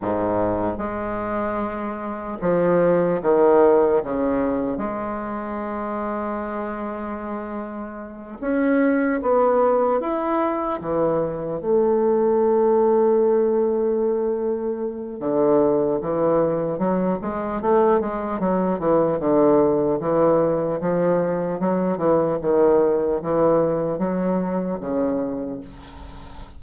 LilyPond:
\new Staff \with { instrumentName = "bassoon" } { \time 4/4 \tempo 4 = 75 gis,4 gis2 f4 | dis4 cis4 gis2~ | gis2~ gis8 cis'4 b8~ | b8 e'4 e4 a4.~ |
a2. d4 | e4 fis8 gis8 a8 gis8 fis8 e8 | d4 e4 f4 fis8 e8 | dis4 e4 fis4 cis4 | }